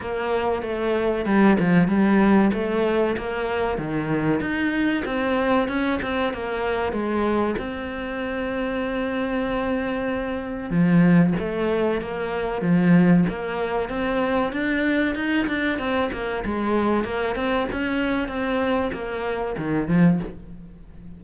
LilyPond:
\new Staff \with { instrumentName = "cello" } { \time 4/4 \tempo 4 = 95 ais4 a4 g8 f8 g4 | a4 ais4 dis4 dis'4 | c'4 cis'8 c'8 ais4 gis4 | c'1~ |
c'4 f4 a4 ais4 | f4 ais4 c'4 d'4 | dis'8 d'8 c'8 ais8 gis4 ais8 c'8 | cis'4 c'4 ais4 dis8 f8 | }